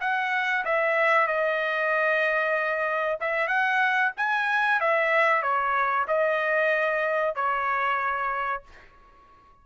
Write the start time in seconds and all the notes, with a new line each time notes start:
0.00 F#5
0.64 E5
1.27 D#5
3.20 E5
3.47 F#5
4.16 G#5
4.80 E5
5.42 C#5
6.07 D#5
7.35 C#5